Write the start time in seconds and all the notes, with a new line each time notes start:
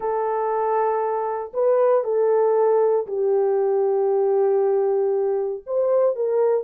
0.00 A4
1.53 B4
2.04 A4
3.06 G4
5.66 C5
6.15 A#4